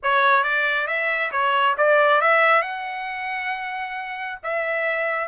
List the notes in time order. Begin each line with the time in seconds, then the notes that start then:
0.02 C#5
0.43 D5
0.87 E5
1.31 C#5
1.77 D5
2.21 E5
2.62 F#5
4.43 E5